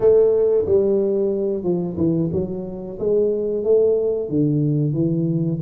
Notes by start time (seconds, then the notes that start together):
0.00 A3
0.65 G3
1.63 F3
1.97 E3
2.32 F#3
2.99 G#3
3.64 A3
4.29 D3
4.93 E3